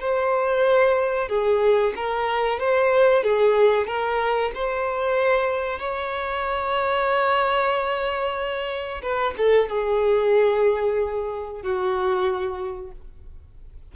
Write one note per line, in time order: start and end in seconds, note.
0.00 1.29 C5
1.29 1.93 G#4
1.96 2.59 A#4
2.59 3.23 C5
3.23 3.87 G#4
3.87 4.51 A#4
4.55 5.79 C5
5.79 9.02 C#5
9.02 9.34 B4
9.37 9.69 A4
9.69 11.62 G#4
11.62 12.91 F#4